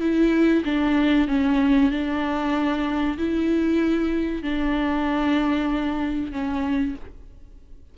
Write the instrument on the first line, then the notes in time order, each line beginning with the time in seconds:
viola
0.00 E4
0.64 D4
1.27 C#4
1.91 D4
3.18 E4
4.42 D4
6.32 C#4